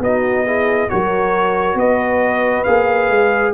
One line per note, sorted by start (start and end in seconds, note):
0.00 0.88 B3
0.00 0.46 D#4
0.00 0.46 F#4
0.00 0.90 D#5
0.46 0.90 E4
0.46 0.90 G#4
0.90 1.75 F#3
0.90 2.66 F#4
0.90 1.78 A#4
0.90 1.78 C#5
1.75 2.63 B3
1.75 3.54 B4
1.75 2.64 D#5
2.64 3.10 A#3
2.64 3.54 G#4
2.64 3.52 F5
3.10 3.54 G#3